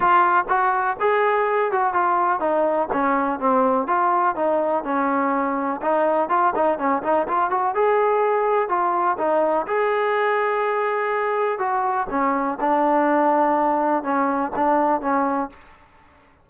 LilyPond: \new Staff \with { instrumentName = "trombone" } { \time 4/4 \tempo 4 = 124 f'4 fis'4 gis'4. fis'8 | f'4 dis'4 cis'4 c'4 | f'4 dis'4 cis'2 | dis'4 f'8 dis'8 cis'8 dis'8 f'8 fis'8 |
gis'2 f'4 dis'4 | gis'1 | fis'4 cis'4 d'2~ | d'4 cis'4 d'4 cis'4 | }